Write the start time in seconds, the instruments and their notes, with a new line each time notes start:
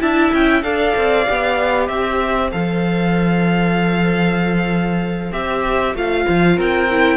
0.00 cello D4, viola E4, violin E5 A5
0.32 cello C#4, violin G5
0.62 cello D4, viola A4, violin D5 F5
0.96 cello C4
1.26 cello B3, viola G4
1.88 cello C4, violin C5 E5
2.51 cello F3, viola A4, violin F5
5.32 cello C4, viola G4, violin E5
5.94 cello A3, viola F4, violin F5
6.28 cello F3
6.57 cello C4, violin A#4 G5
6.90 viola E4